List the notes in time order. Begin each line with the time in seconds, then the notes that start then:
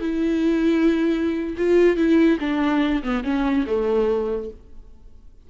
0.00 E4
1.57 F4
1.96 E4
2.40 D4
3.03 B3
3.24 C#4
3.66 A3